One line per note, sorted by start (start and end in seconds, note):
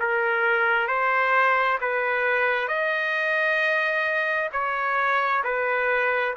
0.00 0.88 A#4
0.88 1.79 C5
1.81 2.68 B4
2.68 4.50 D#5
4.52 5.43 C#5
5.44 6.35 B4